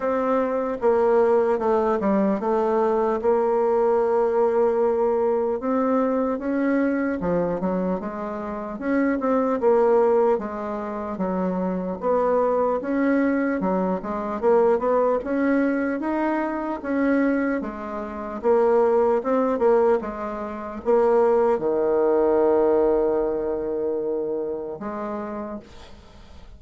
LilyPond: \new Staff \with { instrumentName = "bassoon" } { \time 4/4 \tempo 4 = 75 c'4 ais4 a8 g8 a4 | ais2. c'4 | cis'4 f8 fis8 gis4 cis'8 c'8 | ais4 gis4 fis4 b4 |
cis'4 fis8 gis8 ais8 b8 cis'4 | dis'4 cis'4 gis4 ais4 | c'8 ais8 gis4 ais4 dis4~ | dis2. gis4 | }